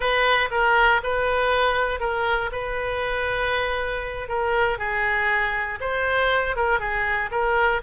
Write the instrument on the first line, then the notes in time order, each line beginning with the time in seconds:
oboe
0.00 B4
0.50 A#4
1.03 B4
2.00 A#4
2.52 B4
4.28 A#4
4.78 G#4
5.80 C5
6.56 A#4
6.79 G#4
7.31 A#4